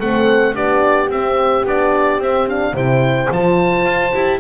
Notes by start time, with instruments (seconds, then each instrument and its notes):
0.00 double bass A3, horn C4 A4, oboe F#5
0.54 double bass B3, horn D4 G4, oboe D5
1.10 double bass C4, horn C4, oboe E5
1.65 double bass B3, horn D4, oboe D5
2.19 double bass C4, horn C4, oboe E5
2.48 horn D4, oboe F5
2.73 double bass C3, horn E4 C5, oboe G5
3.31 double bass F3, horn F4, oboe A5
3.86 double bass F4
4.13 double bass E4, horn G4